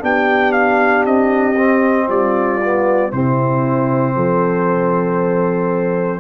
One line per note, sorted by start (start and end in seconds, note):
0.00 1.06 B3
0.00 1.55 D4
0.00 2.07 G4
0.00 0.52 G5
0.52 1.04 F5
1.06 2.09 C4
1.06 2.09 D#5
1.57 2.60 C4
2.07 3.12 G3
2.07 3.10 F4
2.07 3.12 D5
2.63 3.12 B3
3.11 4.16 C3
3.11 6.20 C4
3.11 4.15 E4
3.11 6.20 C5
4.16 6.20 F3
4.16 6.20 A4